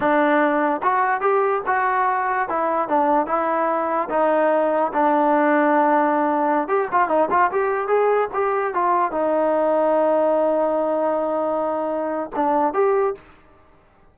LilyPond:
\new Staff \with { instrumentName = "trombone" } { \time 4/4 \tempo 4 = 146 d'2 fis'4 g'4 | fis'2 e'4 d'4 | e'2 dis'2 | d'1~ |
d'16 g'8 f'8 dis'8 f'8 g'4 gis'8.~ | gis'16 g'4 f'4 dis'4.~ dis'16~ | dis'1~ | dis'2 d'4 g'4 | }